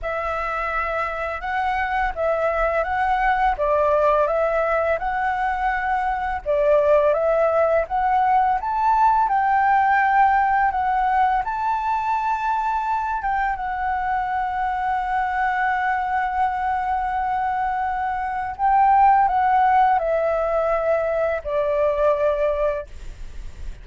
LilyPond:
\new Staff \with { instrumentName = "flute" } { \time 4/4 \tempo 4 = 84 e''2 fis''4 e''4 | fis''4 d''4 e''4 fis''4~ | fis''4 d''4 e''4 fis''4 | a''4 g''2 fis''4 |
a''2~ a''8 g''8 fis''4~ | fis''1~ | fis''2 g''4 fis''4 | e''2 d''2 | }